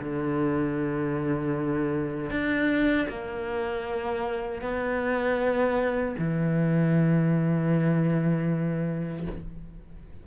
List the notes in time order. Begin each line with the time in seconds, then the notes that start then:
0.00 D3
2.31 D4
3.09 A#3
4.62 B3
6.19 E3